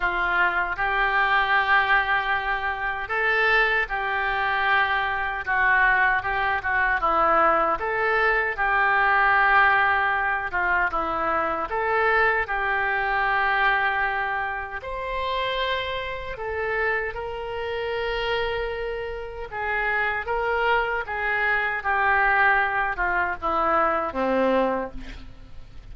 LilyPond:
\new Staff \with { instrumentName = "oboe" } { \time 4/4 \tempo 4 = 77 f'4 g'2. | a'4 g'2 fis'4 | g'8 fis'8 e'4 a'4 g'4~ | g'4. f'8 e'4 a'4 |
g'2. c''4~ | c''4 a'4 ais'2~ | ais'4 gis'4 ais'4 gis'4 | g'4. f'8 e'4 c'4 | }